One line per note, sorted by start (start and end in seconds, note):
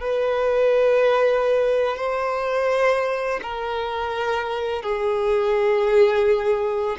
0.00 1.96 B4
1.97 3.40 C5
3.42 4.82 A#4
4.82 6.96 G#4